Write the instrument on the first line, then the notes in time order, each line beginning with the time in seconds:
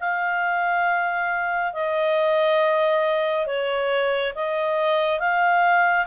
clarinet
0.00 F5
1.73 D#5
3.46 C#5
4.34 D#5
5.19 F5